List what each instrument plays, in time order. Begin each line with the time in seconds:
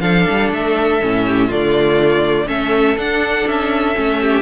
0.00 cello F3, viola D4, violin A4 F5
0.30 cello G3
0.52 cello A3, violin E5
1.01 cello A2, viola C#4
1.27 violin G4
1.47 cello D3, viola A3, violin F4 D5
2.47 cello A3, viola C#4, violin A4 E5
2.96 cello D4, viola D4, violin F#5
3.47 cello C#4, violin E5
3.95 cello A3, viola C#4
4.21 violin G4